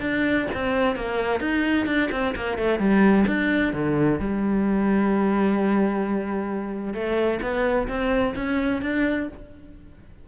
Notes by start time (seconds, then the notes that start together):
0.00 D4
0.54 C4
0.96 A#3
1.40 D#4
1.86 D4
2.11 C4
2.35 A#3
2.58 A3
2.79 G3
3.27 D4
3.73 D3
4.19 G3
6.94 A3
7.42 B3
7.88 C4
8.35 C#4
8.82 D4